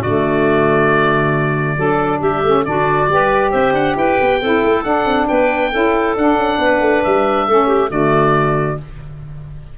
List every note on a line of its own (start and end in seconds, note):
0.00 1.77 D3
0.00 1.76 A3
0.00 1.75 F#4
0.00 2.21 D5
1.76 2.20 F#3
1.76 2.42 D4
1.76 2.20 A4
2.20 2.43 G3
2.20 2.63 G4
2.20 2.65 E5
2.43 2.65 A3
2.43 2.65 C#4
2.65 3.08 D3
2.65 3.08 D4
2.65 3.11 F#4
2.65 3.51 D5
3.08 3.52 G3
3.08 4.41 G4
3.08 3.51 B4
3.51 3.73 C4
3.51 3.95 C5
3.51 3.73 E5
3.73 3.95 D4
3.73 3.96 F#5
3.95 4.17 E4
3.95 4.40 B4
3.95 4.84 G5
4.20 4.41 B3
4.40 4.63 C4
4.40 4.84 E4
4.40 5.27 A4
4.64 4.85 A3
4.84 5.71 D4
4.84 5.04 D4
4.84 5.27 F#5
5.04 5.26 C4
5.27 5.73 B3
5.27 5.71 B4
5.27 6.15 G5
5.71 6.16 C#4
5.71 6.16 E4
5.71 6.59 A4
6.16 6.34 D4
6.16 7.49 D4
6.16 7.03 F#5
6.34 6.56 C#4
6.58 6.79 B3
6.58 7.47 B4
6.79 7.01 A3
7.03 7.48 G3
7.03 7.90 E5
7.47 7.90 A3
7.47 7.88 C#4
7.47 7.66 A4
7.66 7.88 G4
7.88 8.78 D3
7.88 8.76 A3
7.88 8.77 F#4
7.88 8.78 D5